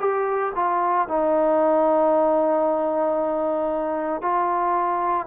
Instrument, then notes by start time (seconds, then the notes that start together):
trombone
0.00 G4
0.56 F4
1.09 D#4
4.22 F4